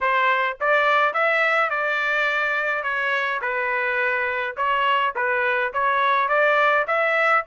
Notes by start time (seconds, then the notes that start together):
0.00 C5
0.60 D5
1.13 E5
1.70 D5
2.83 C#5
3.41 B4
4.57 C#5
5.15 B4
5.73 C#5
6.28 D5
6.87 E5